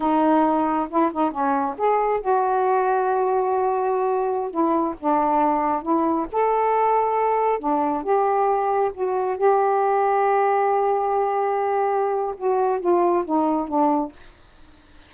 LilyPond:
\new Staff \with { instrumentName = "saxophone" } { \time 4/4 \tempo 4 = 136 dis'2 e'8 dis'8 cis'4 | gis'4 fis'2.~ | fis'2~ fis'16 e'4 d'8.~ | d'4~ d'16 e'4 a'4.~ a'16~ |
a'4~ a'16 d'4 g'4.~ g'16~ | g'16 fis'4 g'2~ g'8.~ | g'1 | fis'4 f'4 dis'4 d'4 | }